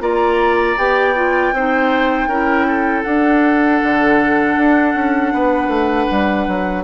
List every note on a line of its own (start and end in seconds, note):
0.00 0.76 A#3
0.00 0.76 F4
0.00 1.54 D5
0.00 0.77 A#5
0.77 1.52 B3
0.77 1.15 G4
0.77 3.02 G5
1.15 1.53 F4
1.52 2.27 C4
1.52 2.30 D#4
1.52 2.28 C5
2.27 3.03 C#4
2.27 3.05 E4
2.27 2.66 A#4
2.67 5.33 A4
3.02 6.84 D4
3.02 3.81 D4
3.02 6.82 F#5
3.83 4.56 D3
4.56 4.94 D4
4.94 5.32 C#4
5.33 5.67 B3
5.33 6.84 B4
5.67 6.05 A3
6.11 6.47 G3
6.47 6.84 F#3